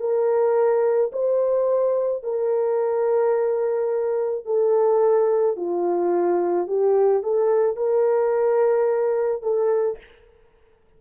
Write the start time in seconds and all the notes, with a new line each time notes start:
0.00 A#4
1.13 C5
2.23 A#4
4.45 A4
5.57 F4
6.67 G4
7.23 A4
7.76 A#4
9.42 A4